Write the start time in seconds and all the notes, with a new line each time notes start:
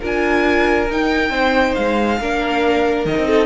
0.00 D4 F4 A#4 G#5
0.90 D#4 G5
1.30 C4 C5
1.75 G#3 F5
2.20 A#3 D4 A#4
3.05 D#3 D#4 D#5
3.16 C4
3.27 A4